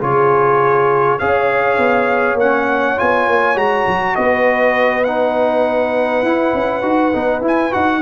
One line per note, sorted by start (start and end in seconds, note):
0.00 1.20 C#3
0.00 1.19 F4
0.00 1.19 G#4
0.00 1.19 C#5
1.19 1.78 C#4
1.19 2.39 G#4
1.19 4.17 C#5
1.19 2.38 F5
1.78 2.34 B3
2.34 2.94 A#3
2.34 2.97 C#4
2.34 2.99 F#5
2.97 3.27 B3
2.97 3.55 F4
2.97 3.58 G#5
3.27 3.55 A#3
3.55 3.85 G#3
3.55 5.04 F#4
3.55 4.15 A#5
3.87 4.17 F#3
4.15 6.23 B3
4.15 8.02 B4
4.15 5.04 D#5
5.04 6.25 D#4
5.04 7.42 F#5
6.23 6.53 E4
6.23 6.82 E4
6.54 6.83 C#4
6.82 7.13 D#4
6.82 7.12 F#4
7.12 7.42 B3
7.12 7.42 D#4
7.42 7.71 E4
7.42 7.74 G#5
7.71 8.02 D#4
7.71 8.01 F#4
7.71 8.02 F#5